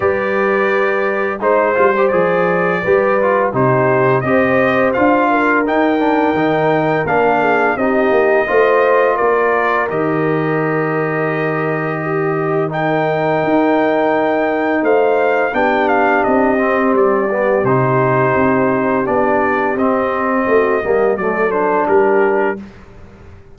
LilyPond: <<
  \new Staff \with { instrumentName = "trumpet" } { \time 4/4 \tempo 4 = 85 d''2 c''4 d''4~ | d''4 c''4 dis''4 f''4 | g''2 f''4 dis''4~ | dis''4 d''4 dis''2~ |
dis''2 g''2~ | g''4 f''4 g''8 f''8 dis''4 | d''4 c''2 d''4 | dis''2 d''8 c''8 ais'4 | }
  \new Staff \with { instrumentName = "horn" } { \time 4/4 b'2 c''2 | b'4 g'4 c''4. ais'8~ | ais'2~ ais'8 gis'8 g'4 | c''4 ais'2.~ |
ais'4 g'4 ais'2~ | ais'4 c''4 g'2~ | g'1~ | g'4 fis'8 g'8 a'4 g'4 | }
  \new Staff \with { instrumentName = "trombone" } { \time 4/4 g'2 dis'8 f'16 g'16 gis'4 | g'8 f'8 dis'4 g'4 f'4 | dis'8 d'8 dis'4 d'4 dis'4 | f'2 g'2~ |
g'2 dis'2~ | dis'2 d'4. c'8~ | c'8 b8 dis'2 d'4 | c'4. ais8 a8 d'4. | }
  \new Staff \with { instrumentName = "tuba" } { \time 4/4 g2 gis8 g8 f4 | g4 c4 c'4 d'4 | dis'4 dis4 ais4 c'8 ais8 | a4 ais4 dis2~ |
dis2. dis'4~ | dis'4 a4 b4 c'4 | g4 c4 c'4 b4 | c'4 a8 g8 fis4 g4 | }
>>